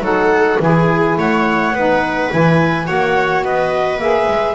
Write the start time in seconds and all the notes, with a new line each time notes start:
0.00 F#3 D#4 A4 F#5
0.60 E3 E4 G#4 G#5
1.17 A3 C#5 F#5
1.72 B3 D#4 B4
2.31 E3 E4 G#5
2.85 A#3 F#4 C#5 F#5
3.44 B3 B4 D#5
3.98 A#3 G#4 E5
4.28 G#3